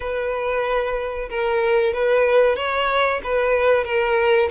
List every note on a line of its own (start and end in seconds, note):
0.00 1.29 B4
1.29 1.93 A#4
1.93 2.55 B4
2.55 3.20 C#5
3.23 3.84 B4
3.84 4.49 A#4